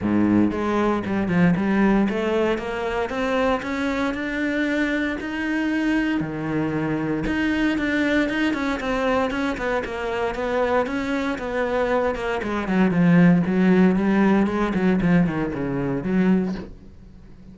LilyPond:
\new Staff \with { instrumentName = "cello" } { \time 4/4 \tempo 4 = 116 gis,4 gis4 g8 f8 g4 | a4 ais4 c'4 cis'4 | d'2 dis'2 | dis2 dis'4 d'4 |
dis'8 cis'8 c'4 cis'8 b8 ais4 | b4 cis'4 b4. ais8 | gis8 fis8 f4 fis4 g4 | gis8 fis8 f8 dis8 cis4 fis4 | }